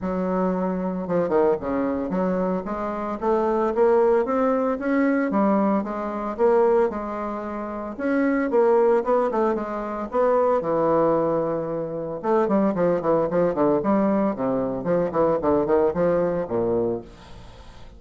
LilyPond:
\new Staff \with { instrumentName = "bassoon" } { \time 4/4 \tempo 4 = 113 fis2 f8 dis8 cis4 | fis4 gis4 a4 ais4 | c'4 cis'4 g4 gis4 | ais4 gis2 cis'4 |
ais4 b8 a8 gis4 b4 | e2. a8 g8 | f8 e8 f8 d8 g4 c4 | f8 e8 d8 dis8 f4 ais,4 | }